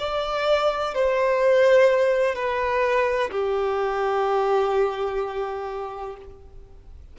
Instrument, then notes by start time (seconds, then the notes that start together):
violin
0.00 D5
0.95 C5
2.35 B4
3.31 G4